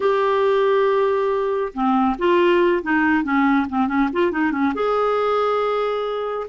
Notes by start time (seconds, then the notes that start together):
0.00 G4
1.73 C4
2.18 F4
2.82 D#4
3.23 C#4
3.69 C4
3.87 C#4
4.12 F4
4.31 D#4
4.51 C#4
4.74 G#4